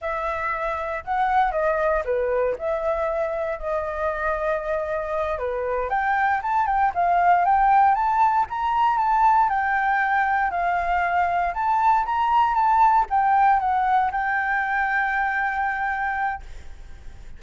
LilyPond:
\new Staff \with { instrumentName = "flute" } { \time 4/4 \tempo 4 = 117 e''2 fis''4 dis''4 | b'4 e''2 dis''4~ | dis''2~ dis''8 b'4 g''8~ | g''8 a''8 g''8 f''4 g''4 a''8~ |
a''8 ais''4 a''4 g''4.~ | g''8 f''2 a''4 ais''8~ | ais''8 a''4 g''4 fis''4 g''8~ | g''1 | }